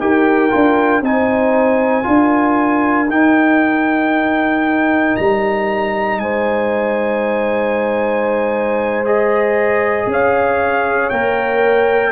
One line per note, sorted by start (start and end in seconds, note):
0.00 0.52 D#4
0.00 0.51 G4
0.00 1.05 A#4
0.00 1.03 G5
0.51 1.02 D4
0.51 1.02 F4
1.02 2.05 C4
1.02 2.03 D#4
1.02 2.08 C5
1.02 3.11 G#5
2.03 3.09 D4
2.03 3.07 F4
2.03 6.22 A#4
3.09 5.16 D#4
3.09 9.05 D#4
3.09 5.17 G5
5.17 6.20 G3
5.17 6.20 A#5
6.20 10.07 G#3
6.20 10.09 C5
6.20 9.04 G#5
9.05 11.12 G#4
9.05 10.10 D#5
10.07 11.11 C#4
10.07 12.12 C#5
10.07 11.10 F5
11.10 12.12 A#3
11.10 12.12 A#4
11.10 12.12 G5